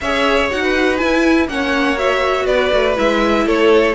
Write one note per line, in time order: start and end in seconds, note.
0.00 0.50 C#4
0.00 0.49 G#4
0.00 0.62 C#5
0.00 0.50 E5
0.49 1.01 D#4
0.49 0.98 F#4
0.49 0.97 F#5
0.62 1.49 B4
0.97 1.48 E4
0.97 1.46 G#5
1.48 2.45 A#3
1.48 1.96 C#4
1.48 2.46 C#5
1.48 1.98 F#5
1.96 2.95 F#4
1.96 2.46 E5
2.45 2.70 B3
2.45 3.45 B4
2.45 2.95 D5
2.72 2.97 A3
2.95 3.45 G#3
2.95 3.94 E4
2.95 3.48 E5
3.45 3.95 A3
3.45 3.95 A4
3.45 3.95 C#5